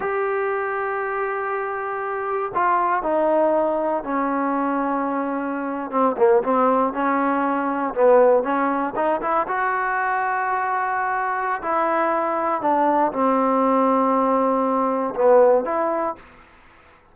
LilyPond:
\new Staff \with { instrumentName = "trombone" } { \time 4/4 \tempo 4 = 119 g'1~ | g'4 f'4 dis'2 | cis'2.~ cis'8. c'16~ | c'16 ais8 c'4 cis'2 b16~ |
b8. cis'4 dis'8 e'8 fis'4~ fis'16~ | fis'2. e'4~ | e'4 d'4 c'2~ | c'2 b4 e'4 | }